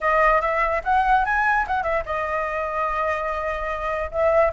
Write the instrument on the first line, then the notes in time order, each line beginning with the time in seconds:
flute
0.01 D#5
0.41 E5
0.84 F#5
1.25 G#5
1.67 F#5
1.83 E5
2.05 D#5
4.11 E5